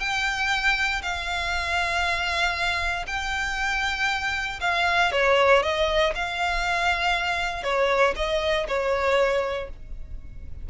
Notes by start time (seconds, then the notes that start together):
0.00 G5
1.02 F5
3.07 G5
4.61 F5
5.12 C#5
5.63 D#5
6.15 F5
7.64 C#5
8.16 D#5
8.68 C#5